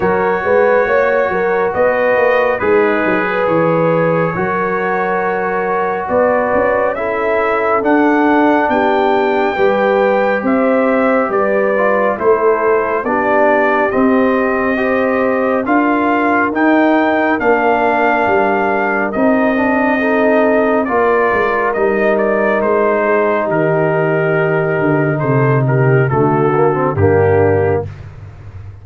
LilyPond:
<<
  \new Staff \with { instrumentName = "trumpet" } { \time 4/4 \tempo 4 = 69 cis''2 dis''4 b'4 | cis''2. d''4 | e''4 fis''4 g''2 | e''4 d''4 c''4 d''4 |
dis''2 f''4 g''4 | f''2 dis''2 | d''4 dis''8 d''8 c''4 ais'4~ | ais'4 c''8 ais'8 a'4 g'4 | }
  \new Staff \with { instrumentName = "horn" } { \time 4/4 ais'8 b'8 cis''8 ais'8 b'4 dis'8. b'16~ | b'4 ais'2 b'4 | a'2 g'4 b'4 | c''4 b'4 a'4 g'4~ |
g'4 c''4 ais'2~ | ais'2. a'4 | ais'2~ ais'8 gis'8 g'4~ | g'4 a'8 g'8 fis'4 d'4 | }
  \new Staff \with { instrumentName = "trombone" } { \time 4/4 fis'2. gis'4~ | gis'4 fis'2. | e'4 d'2 g'4~ | g'4. f'8 e'4 d'4 |
c'4 g'4 f'4 dis'4 | d'2 dis'8 d'8 dis'4 | f'4 dis'2.~ | dis'2 a8 ais16 c'16 ais4 | }
  \new Staff \with { instrumentName = "tuba" } { \time 4/4 fis8 gis8 ais8 fis8 b8 ais8 gis8 fis8 | e4 fis2 b8 cis'8~ | cis'4 d'4 b4 g4 | c'4 g4 a4 b4 |
c'2 d'4 dis'4 | ais4 g4 c'2 | ais8 gis8 g4 gis4 dis4~ | dis8 d8 c4 d4 g,4 | }
>>